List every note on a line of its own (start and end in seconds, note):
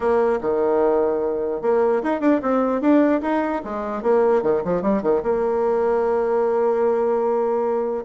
0.00 0.39 A#3
0.41 1.61 D#3
1.61 2.01 A#3
2.02 2.20 D#4
2.20 2.40 D4
2.41 2.81 C4
2.81 3.21 D4
3.21 3.61 D#4
3.64 4.02 G#3
4.02 4.42 A#3
4.42 4.62 D#3
4.64 4.82 F3
4.82 5.02 G3
5.02 5.22 D#3
5.23 8.04 A#3